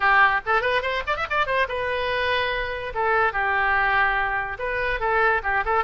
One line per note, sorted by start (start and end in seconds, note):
0.00 0.41 G4
0.45 0.61 A4
0.61 0.81 B4
0.81 1.02 C5
1.06 1.16 D5
1.16 1.26 E5
1.29 1.46 D5
1.46 1.67 C5
1.68 2.93 B4
2.94 3.32 A4
3.32 4.57 G4
4.58 5.00 B4
5.00 5.41 A4
5.43 5.64 G4
5.65 5.84 A4